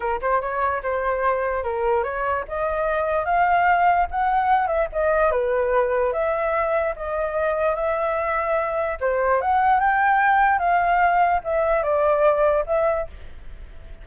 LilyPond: \new Staff \with { instrumentName = "flute" } { \time 4/4 \tempo 4 = 147 ais'8 c''8 cis''4 c''2 | ais'4 cis''4 dis''2 | f''2 fis''4. e''8 | dis''4 b'2 e''4~ |
e''4 dis''2 e''4~ | e''2 c''4 fis''4 | g''2 f''2 | e''4 d''2 e''4 | }